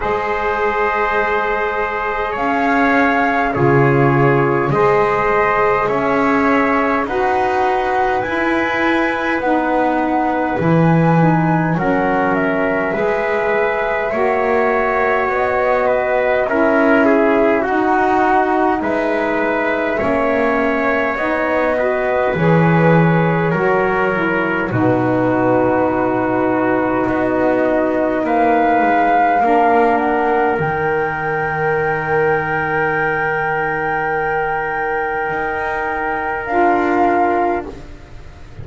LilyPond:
<<
  \new Staff \with { instrumentName = "flute" } { \time 4/4 \tempo 4 = 51 dis''2 f''4 cis''4 | dis''4 e''4 fis''4 gis''4 | fis''4 gis''4 fis''8 e''4.~ | e''4 dis''4 e''4 fis''4 |
e''2 dis''4 cis''4~ | cis''4 b'2 dis''4 | f''4. fis''8 g''2~ | g''2. f''4 | }
  \new Staff \with { instrumentName = "trumpet" } { \time 4/4 c''2 cis''4 gis'4 | c''4 cis''4 b'2~ | b'2 ais'4 b'4 | cis''4. b'8 ais'8 gis'8 fis'4 |
b'4 cis''4. b'4. | ais'4 fis'2. | b'4 ais'2.~ | ais'1 | }
  \new Staff \with { instrumentName = "saxophone" } { \time 4/4 gis'2. f'4 | gis'2 fis'4 e'4 | dis'4 e'8 dis'8 cis'4 gis'4 | fis'2 e'4 dis'4~ |
dis'4 cis'4 dis'8 fis'8 gis'4 | fis'8 e'8 dis'2.~ | dis'4 d'4 dis'2~ | dis'2. f'4 | }
  \new Staff \with { instrumentName = "double bass" } { \time 4/4 gis2 cis'4 cis4 | gis4 cis'4 dis'4 e'4 | b4 e4 fis4 gis4 | ais4 b4 cis'4 dis'4 |
gis4 ais4 b4 e4 | fis4 b,2 b4 | ais8 gis8 ais4 dis2~ | dis2 dis'4 d'4 | }
>>